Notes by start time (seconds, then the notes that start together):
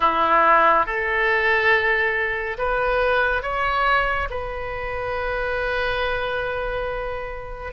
0.00 E4
0.86 A4
2.58 B4
3.42 C#5
4.29 B4